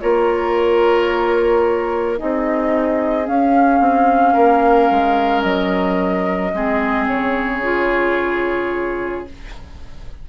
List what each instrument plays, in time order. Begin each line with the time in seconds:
0.00 bassoon A#3, clarinet F4, oboe A#4, flute C#5
2.17 bassoon C4, clarinet D#4, oboe G#4, flute D#5
3.24 clarinet C#4, bassoon C#4, flute F5
3.80 bassoon C4
4.33 bassoon A#3, oboe A#4
4.91 bassoon G#3
5.42 bassoon F#3, flute D#5
6.53 bassoon G#3, clarinet C4, oboe G#4
7.07 bassoon C#3, flute C#5
7.63 clarinet F4